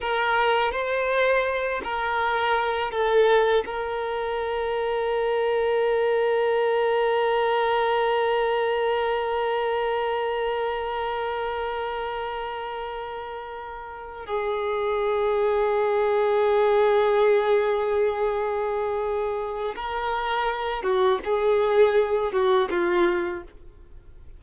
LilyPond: \new Staff \with { instrumentName = "violin" } { \time 4/4 \tempo 4 = 82 ais'4 c''4. ais'4. | a'4 ais'2.~ | ais'1~ | ais'1~ |
ais'2.~ ais'8 gis'8~ | gis'1~ | gis'2. ais'4~ | ais'8 fis'8 gis'4. fis'8 f'4 | }